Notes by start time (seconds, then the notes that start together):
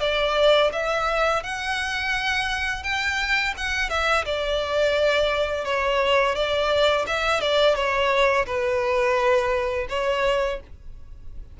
0.00 D5
0.73 E5
1.43 F#5
2.83 G5
3.57 F#5
3.90 E5
4.25 D5
5.65 C#5
6.35 D5
7.07 E5
7.41 D5
7.75 C#5
8.46 B4
9.89 C#5